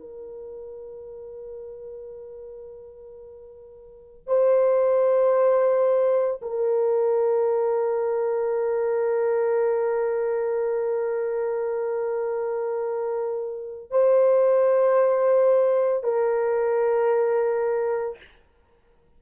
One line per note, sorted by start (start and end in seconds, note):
0.00 4.28 A#4
4.28 6.42 C5
6.42 13.91 A#4
13.91 16.04 C5
16.04 18.18 A#4